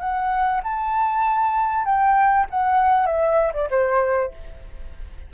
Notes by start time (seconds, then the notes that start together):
0.00 F#5
0.63 A5
1.85 G5
2.50 F#5
3.06 E5
3.53 D5
3.70 C5